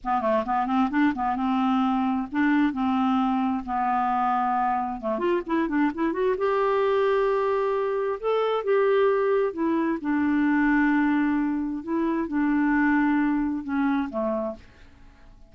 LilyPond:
\new Staff \with { instrumentName = "clarinet" } { \time 4/4 \tempo 4 = 132 b8 a8 b8 c'8 d'8 b8 c'4~ | c'4 d'4 c'2 | b2. a8 f'8 | e'8 d'8 e'8 fis'8 g'2~ |
g'2 a'4 g'4~ | g'4 e'4 d'2~ | d'2 e'4 d'4~ | d'2 cis'4 a4 | }